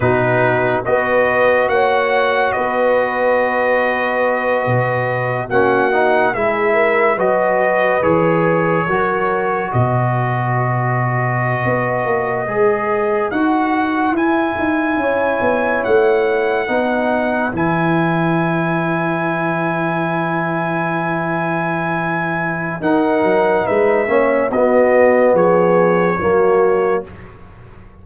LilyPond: <<
  \new Staff \with { instrumentName = "trumpet" } { \time 4/4 \tempo 4 = 71 b'4 dis''4 fis''4 dis''4~ | dis''2~ dis''8 fis''4 e''8~ | e''8 dis''4 cis''2 dis''8~ | dis''2.~ dis''8. fis''16~ |
fis''8. gis''2 fis''4~ fis''16~ | fis''8. gis''2.~ gis''16~ | gis''2. fis''4 | e''4 dis''4 cis''2 | }
  \new Staff \with { instrumentName = "horn" } { \time 4/4 fis'4 b'4 cis''4 b'4~ | b'2~ b'8 fis'4 gis'8 | ais'8 b'2 ais'4 b'8~ | b'1~ |
b'4.~ b'16 cis''2 b'16~ | b'1~ | b'2. ais'4 | b'8 cis''8 fis'4 gis'4 fis'4 | }
  \new Staff \with { instrumentName = "trombone" } { \time 4/4 dis'4 fis'2.~ | fis'2~ fis'8 cis'8 dis'8 e'8~ | e'8 fis'4 gis'4 fis'4.~ | fis'2~ fis'8. gis'4 fis'16~ |
fis'8. e'2. dis'16~ | dis'8. e'2.~ e'16~ | e'2. dis'4~ | dis'8 cis'8 b2 ais4 | }
  \new Staff \with { instrumentName = "tuba" } { \time 4/4 b,4 b4 ais4 b4~ | b4. b,4 ais4 gis8~ | gis8 fis4 e4 fis4 b,8~ | b,4.~ b,16 b8 ais8 gis4 dis'16~ |
dis'8. e'8 dis'8 cis'8 b8 a4 b16~ | b8. e2.~ e16~ | e2. dis'8 fis8 | gis8 ais8 b4 f4 fis4 | }
>>